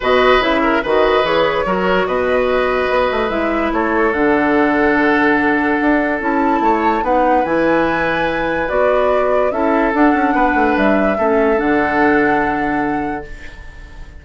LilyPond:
<<
  \new Staff \with { instrumentName = "flute" } { \time 4/4 \tempo 4 = 145 dis''4 e''4 dis''4 cis''4~ | cis''4 dis''2. | e''4 cis''4 fis''2~ | fis''2. a''4~ |
a''4 fis''4 gis''2~ | gis''4 d''2 e''4 | fis''2 e''2 | fis''1 | }
  \new Staff \with { instrumentName = "oboe" } { \time 4/4 b'4. ais'8 b'2 | ais'4 b'2.~ | b'4 a'2.~ | a'1 |
cis''4 b'2.~ | b'2. a'4~ | a'4 b'2 a'4~ | a'1 | }
  \new Staff \with { instrumentName = "clarinet" } { \time 4/4 fis'4 e'4 fis'4 gis'4 | fis'1 | e'2 d'2~ | d'2. e'4~ |
e'4 dis'4 e'2~ | e'4 fis'2 e'4 | d'2. cis'4 | d'1 | }
  \new Staff \with { instrumentName = "bassoon" } { \time 4/4 b,4 cis4 dis4 e4 | fis4 b,2 b8 a8 | gis4 a4 d2~ | d2 d'4 cis'4 |
a4 b4 e2~ | e4 b2 cis'4 | d'8 cis'8 b8 a8 g4 a4 | d1 | }
>>